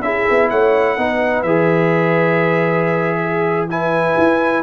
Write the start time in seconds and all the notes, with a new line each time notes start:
0.00 C#4 E4 G#4 E5
0.30 B3
0.49 A3 C#5 F#5
0.97 B3 D#4 B4
1.43 E3 G#4 E5
3.22 G#4
3.69 E4 B4 G#5
4.17 E4